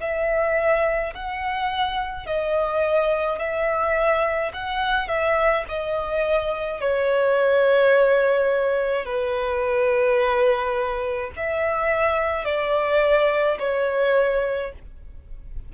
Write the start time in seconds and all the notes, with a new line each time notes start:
0.00 E5
1.14 F#5
2.26 D#5
3.39 E5
4.53 F#5
5.07 E5
5.68 D#5
6.80 C#5
9.05 B4
11.36 E5
12.44 D5
13.59 C#5